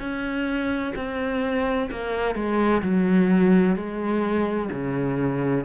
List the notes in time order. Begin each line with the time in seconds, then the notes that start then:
0.00 C#4
0.96 C4
1.91 A#3
2.35 G#3
2.82 F#3
3.76 G#3
4.72 C#3